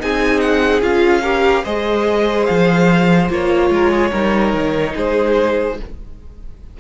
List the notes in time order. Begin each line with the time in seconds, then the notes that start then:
0.00 C4 D#4 G#4 G#5
0.41 F#5
0.82 C#4 F4 F5
1.23 G4 A#4
1.64 G#3 G#4 C5 D#5
2.46 F3 F5
3.30 A#3 F4 C#5
3.71 G#3 A#4
3.91 G#4
4.11 G3 D#4 A#4
4.54 D#3
4.95 G#3 G#4 C5